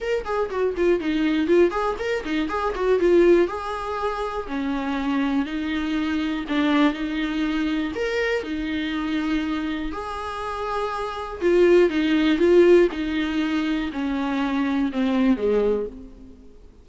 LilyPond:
\new Staff \with { instrumentName = "viola" } { \time 4/4 \tempo 4 = 121 ais'8 gis'8 fis'8 f'8 dis'4 f'8 gis'8 | ais'8 dis'8 gis'8 fis'8 f'4 gis'4~ | gis'4 cis'2 dis'4~ | dis'4 d'4 dis'2 |
ais'4 dis'2. | gis'2. f'4 | dis'4 f'4 dis'2 | cis'2 c'4 gis4 | }